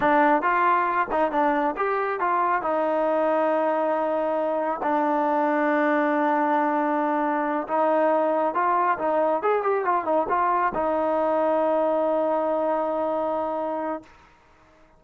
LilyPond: \new Staff \with { instrumentName = "trombone" } { \time 4/4 \tempo 4 = 137 d'4 f'4. dis'8 d'4 | g'4 f'4 dis'2~ | dis'2. d'4~ | d'1~ |
d'4. dis'2 f'8~ | f'8 dis'4 gis'8 g'8 f'8 dis'8 f'8~ | f'8 dis'2.~ dis'8~ | dis'1 | }